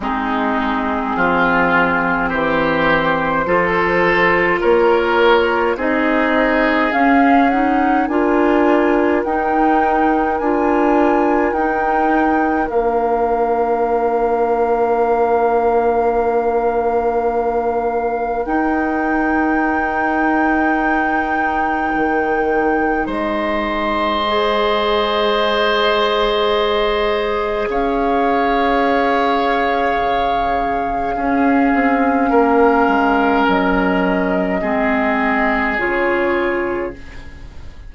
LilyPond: <<
  \new Staff \with { instrumentName = "flute" } { \time 4/4 \tempo 4 = 52 gis'2 c''2 | cis''4 dis''4 f''8 fis''8 gis''4 | g''4 gis''4 g''4 f''4~ | f''1 |
g''1 | dis''1 | f''1~ | f''4 dis''2 cis''4 | }
  \new Staff \with { instrumentName = "oboe" } { \time 4/4 dis'4 f'4 g'4 a'4 | ais'4 gis'2 ais'4~ | ais'1~ | ais'1~ |
ais'1 | c''1 | cis''2. gis'4 | ais'2 gis'2 | }
  \new Staff \with { instrumentName = "clarinet" } { \time 4/4 c'2. f'4~ | f'4 dis'4 cis'8 dis'8 f'4 | dis'4 f'4 dis'4 d'4~ | d'1 |
dis'1~ | dis'4 gis'2.~ | gis'2. cis'4~ | cis'2 c'4 f'4 | }
  \new Staff \with { instrumentName = "bassoon" } { \time 4/4 gis4 f4 e4 f4 | ais4 c'4 cis'4 d'4 | dis'4 d'4 dis'4 ais4~ | ais1 |
dis'2. dis4 | gis1 | cis'2 cis4 cis'8 c'8 | ais8 gis8 fis4 gis4 cis4 | }
>>